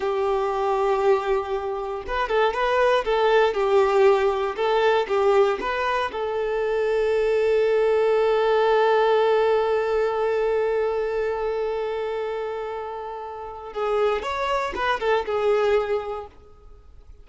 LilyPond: \new Staff \with { instrumentName = "violin" } { \time 4/4 \tempo 4 = 118 g'1 | b'8 a'8 b'4 a'4 g'4~ | g'4 a'4 g'4 b'4 | a'1~ |
a'1~ | a'1~ | a'2. gis'4 | cis''4 b'8 a'8 gis'2 | }